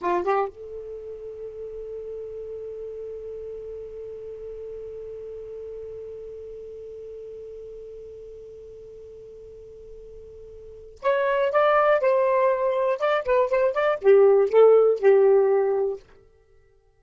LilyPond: \new Staff \with { instrumentName = "saxophone" } { \time 4/4 \tempo 4 = 120 f'8 g'8 a'2.~ | a'1~ | a'1~ | a'1~ |
a'1~ | a'2 cis''4 d''4 | c''2 d''8 b'8 c''8 d''8 | g'4 a'4 g'2 | }